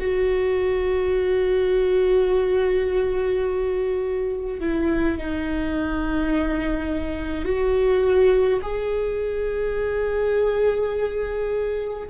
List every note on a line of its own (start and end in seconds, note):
0.00 4.60 F#4
4.60 5.18 E4
5.18 7.45 D#4
7.45 8.60 F#4
8.62 12.08 G#4